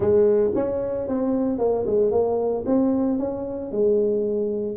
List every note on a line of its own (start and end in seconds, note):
0.00 0.50 G#3
0.55 1.08 C#4
1.08 1.58 C4
1.58 1.85 A#3
1.86 2.11 G#3
2.11 2.64 A#3
2.65 3.19 C4
3.19 3.71 C#4
3.71 4.77 G#3